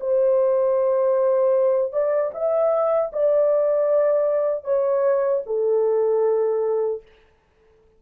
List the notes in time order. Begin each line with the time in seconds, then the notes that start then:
0.00 C5
1.92 D5
2.34 E5
3.13 D5
4.64 C#5
5.46 A4